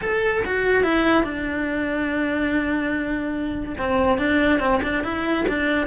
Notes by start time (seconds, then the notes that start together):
0.01 A4
0.45 F#4
0.83 E4
1.23 D4
3.78 C4
4.17 D4
4.59 C4
4.82 D4
5.03 E4
5.48 D4